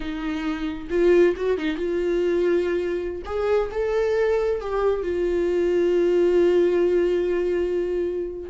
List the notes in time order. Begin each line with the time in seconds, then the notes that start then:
0.00 D#4
0.90 F4
1.36 F#4
1.57 D#4
1.76 F4
3.25 G#4
3.71 A4
4.61 G4
5.02 F4